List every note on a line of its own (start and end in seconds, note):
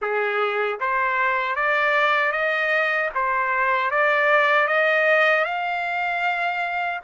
0.01 0.79 G#4
0.80 1.55 C5
1.55 2.32 D5
2.32 3.10 D#5
3.14 3.90 C5
3.90 4.68 D5
4.68 5.44 D#5
5.44 7.00 F5